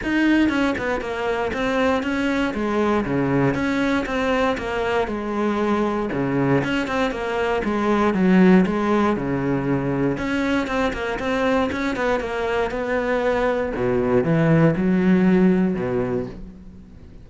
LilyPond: \new Staff \with { instrumentName = "cello" } { \time 4/4 \tempo 4 = 118 dis'4 cis'8 b8 ais4 c'4 | cis'4 gis4 cis4 cis'4 | c'4 ais4 gis2 | cis4 cis'8 c'8 ais4 gis4 |
fis4 gis4 cis2 | cis'4 c'8 ais8 c'4 cis'8 b8 | ais4 b2 b,4 | e4 fis2 b,4 | }